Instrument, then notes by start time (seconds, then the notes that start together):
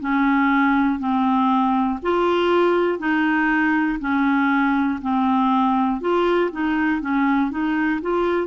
clarinet
0.00 C#4
0.99 C4
2.02 F4
2.99 D#4
4.00 C#4
5.02 C4
6.01 F4
6.51 D#4
7.01 C#4
7.50 D#4
8.01 F4